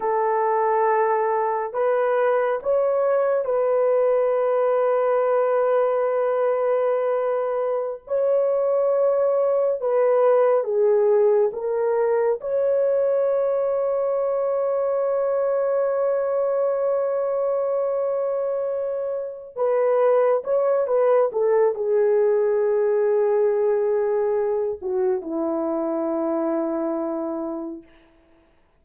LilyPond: \new Staff \with { instrumentName = "horn" } { \time 4/4 \tempo 4 = 69 a'2 b'4 cis''4 | b'1~ | b'4~ b'16 cis''2 b'8.~ | b'16 gis'4 ais'4 cis''4.~ cis''16~ |
cis''1~ | cis''2~ cis''8 b'4 cis''8 | b'8 a'8 gis'2.~ | gis'8 fis'8 e'2. | }